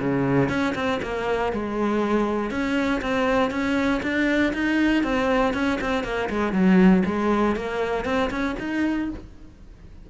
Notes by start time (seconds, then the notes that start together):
0.00 C#3
0.50 C#4
0.75 C4
1.03 A#3
1.53 G#3
2.51 C#4
3.02 C4
3.51 C#4
4.03 D4
4.54 D#4
5.04 C4
5.54 C#4
5.81 C4
6.04 A#3
6.30 G#3
6.53 F#3
7.06 G#3
7.56 A#3
8.05 C4
8.31 C#4
8.60 D#4